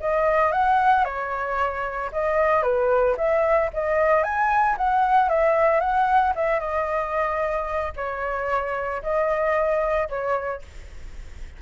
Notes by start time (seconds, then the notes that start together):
0.00 D#5
0.52 F#5
1.05 C#5
2.12 D#5
2.63 B4
3.17 E5
3.73 D#5
4.23 G#5
4.78 F#5
5.29 E5
5.80 F#5
6.35 E5
6.60 D#5
7.96 C#5
9.02 D#5
10.09 C#5